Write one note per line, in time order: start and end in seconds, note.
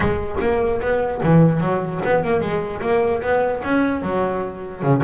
0.00 0.36 G#3
0.40 0.80 A#3
0.81 1.21 B3
1.23 1.60 E3
1.60 2.00 F#3
2.04 2.23 B3
2.23 2.40 A#3
2.40 2.81 G#3
2.81 3.21 A#3
3.21 3.62 B3
3.64 4.02 C#4
4.02 4.82 F#3
4.82 5.02 C#3